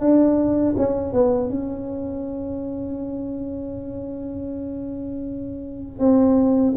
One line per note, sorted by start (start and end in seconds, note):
0.00 0.75 D4
0.77 1.13 C#4
1.13 1.50 B3
1.50 5.99 C#4
5.99 6.74 C4